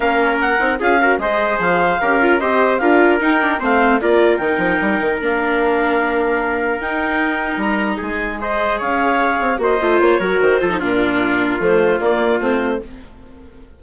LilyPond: <<
  \new Staff \with { instrumentName = "clarinet" } { \time 4/4 \tempo 4 = 150 f''4 fis''4 f''4 dis''4 | f''2 dis''4 f''4 | g''4 f''4 d''4 g''4~ | g''4 f''2.~ |
f''4 g''2 ais''4 | gis''4 dis''4 f''2 | dis''4 cis''4 c''4 ais'4~ | ais'4 c''4 d''4 c''4 | }
  \new Staff \with { instrumentName = "trumpet" } { \time 4/4 ais'2 gis'8 ais'8 c''4~ | c''4 ais'4 c''4 ais'4~ | ais'4 c''4 ais'2~ | ais'1~ |
ais'1 | gis'4 c''4 cis''2 | c''4. ais'4 a'8 f'4~ | f'1 | }
  \new Staff \with { instrumentName = "viola" } { \time 4/4 cis'4. dis'8 f'8 fis'8 gis'4~ | gis'4 g'8 f'8 g'4 f'4 | dis'8 d'8 c'4 f'4 dis'4~ | dis'4 d'2.~ |
d'4 dis'2.~ | dis'4 gis'2. | fis'8 f'4 fis'4 f'16 dis'16 d'4~ | d'4 a4 ais4 c'4 | }
  \new Staff \with { instrumentName = "bassoon" } { \time 4/4 ais4. c'8 cis'4 gis4 | f4 cis'4 c'4 d'4 | dis'4 a4 ais4 dis8 f8 | g8 dis8 ais2.~ |
ais4 dis'2 g4 | gis2 cis'4. c'8 | ais8 a8 ais8 fis8 dis8 f8 ais,4~ | ais,4 f4 ais4 a4 | }
>>